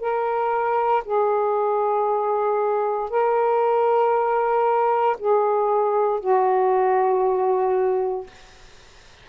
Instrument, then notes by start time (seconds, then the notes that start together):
saxophone
0.00 A#4
1.05 G#4
3.10 A#4
5.20 G#4
6.20 F#4